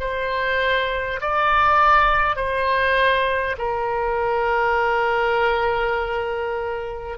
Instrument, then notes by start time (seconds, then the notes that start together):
oboe
0.00 C5
1.21 D5
2.36 C5
3.58 A#4